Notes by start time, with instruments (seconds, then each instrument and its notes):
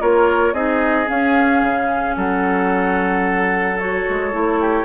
0.00 bassoon A#3, clarinet F4, oboe A#4, flute C#5
0.53 bassoon C4, clarinet D#4, oboe G#4, flute D#5
1.05 clarinet C#4, bassoon C#4, flute F5
1.62 bassoon C#3
2.16 bassoon F#3, oboe A4, flute F#5
3.79 clarinet F#4, flute C#5
4.09 bassoon G#3
4.32 bassoon A3, clarinet E4
4.60 oboe G4